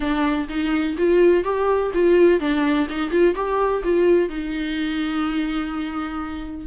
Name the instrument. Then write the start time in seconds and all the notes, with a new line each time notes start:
viola
0.00 D4
0.48 D#4
0.97 F4
1.44 G4
1.94 F4
2.39 D4
2.89 D#4
3.11 F4
3.35 G4
3.83 F4
4.29 D#4